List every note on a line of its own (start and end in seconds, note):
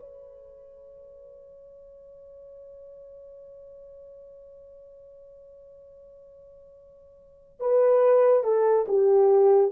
0.00 7.60 C#5
7.60 8.44 B4
8.44 8.86 A4
8.88 9.72 G4